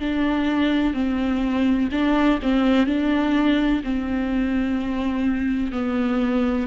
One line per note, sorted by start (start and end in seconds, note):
0.00 0.94 D4
0.94 1.89 C4
1.92 2.39 D4
2.43 2.87 C4
2.87 3.82 D4
3.84 5.72 C4
5.72 6.68 B3